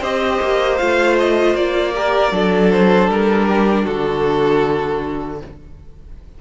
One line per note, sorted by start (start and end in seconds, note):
0.00 0.39 C4
0.00 0.79 G4
0.00 1.92 C5
0.00 0.78 D#5
0.42 0.80 A#3
0.78 1.55 A3
0.78 1.94 F4
0.78 1.16 F5
1.19 1.56 D#5
1.55 2.32 A#3
1.55 2.71 D5
1.95 2.31 G4
1.95 2.33 A#4
2.31 3.09 F#3
2.31 5.39 D4
2.31 3.46 A4
2.71 3.10 C5
3.09 3.86 G3
3.09 3.86 A#4
3.46 3.84 G4
3.85 5.41 D3
3.85 5.38 F#4
3.85 5.40 A4